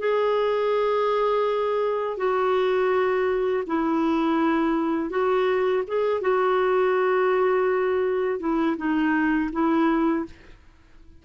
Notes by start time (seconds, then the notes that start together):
0.00 G#4
2.18 F#4
3.68 E4
5.11 F#4
5.88 G#4
6.22 F#4
8.40 E4
8.78 D#4
9.53 E4